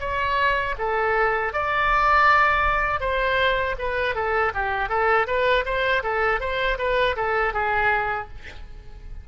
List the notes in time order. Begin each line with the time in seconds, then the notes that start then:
0.00 C#5
0.78 A4
1.53 D5
3.00 C5
3.79 B4
4.15 A4
4.54 G4
4.89 A4
5.27 B4
5.65 C5
6.03 A4
6.40 C5
6.78 B4
7.16 A4
7.53 G#4